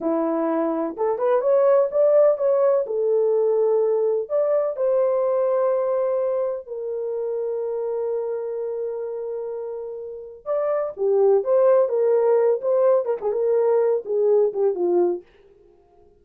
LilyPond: \new Staff \with { instrumentName = "horn" } { \time 4/4 \tempo 4 = 126 e'2 a'8 b'8 cis''4 | d''4 cis''4 a'2~ | a'4 d''4 c''2~ | c''2 ais'2~ |
ais'1~ | ais'2 d''4 g'4 | c''4 ais'4. c''4 ais'16 gis'16 | ais'4. gis'4 g'8 f'4 | }